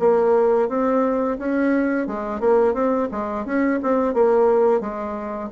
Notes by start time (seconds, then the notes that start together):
0.00 A#3
0.69 C4
1.39 C#4
2.08 G#3
2.41 A#3
2.74 C4
3.12 G#3
3.46 C#4
3.83 C4
4.14 A#3
4.81 G#3